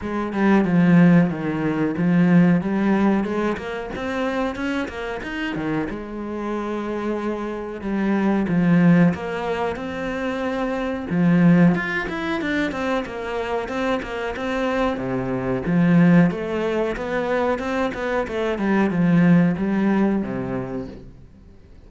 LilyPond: \new Staff \with { instrumentName = "cello" } { \time 4/4 \tempo 4 = 92 gis8 g8 f4 dis4 f4 | g4 gis8 ais8 c'4 cis'8 ais8 | dis'8 dis8 gis2. | g4 f4 ais4 c'4~ |
c'4 f4 f'8 e'8 d'8 c'8 | ais4 c'8 ais8 c'4 c4 | f4 a4 b4 c'8 b8 | a8 g8 f4 g4 c4 | }